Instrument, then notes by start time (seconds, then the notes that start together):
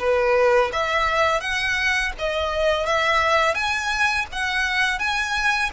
violin
0.00 B4
0.73 E5
1.41 F#5
2.19 D#5
2.86 E5
3.55 G#5
4.32 F#5
4.99 G#5